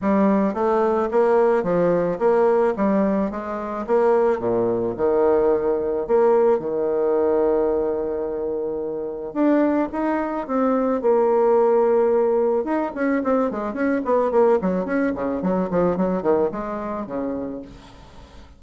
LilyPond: \new Staff \with { instrumentName = "bassoon" } { \time 4/4 \tempo 4 = 109 g4 a4 ais4 f4 | ais4 g4 gis4 ais4 | ais,4 dis2 ais4 | dis1~ |
dis4 d'4 dis'4 c'4 | ais2. dis'8 cis'8 | c'8 gis8 cis'8 b8 ais8 fis8 cis'8 cis8 | fis8 f8 fis8 dis8 gis4 cis4 | }